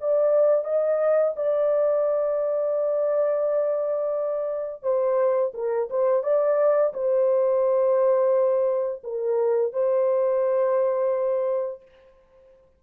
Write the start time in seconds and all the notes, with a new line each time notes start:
0.00 D5
0.64 D#5
1.36 D5
4.82 C5
5.54 A#4
5.90 C5
6.23 D5
6.93 C5
9.03 A#4
9.72 C5